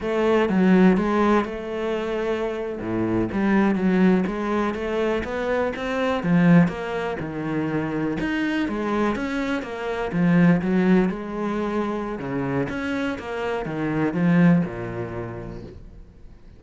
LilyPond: \new Staff \with { instrumentName = "cello" } { \time 4/4 \tempo 4 = 123 a4 fis4 gis4 a4~ | a4.~ a16 a,4 g4 fis16~ | fis8. gis4 a4 b4 c'16~ | c'8. f4 ais4 dis4~ dis16~ |
dis8. dis'4 gis4 cis'4 ais16~ | ais8. f4 fis4 gis4~ gis16~ | gis4 cis4 cis'4 ais4 | dis4 f4 ais,2 | }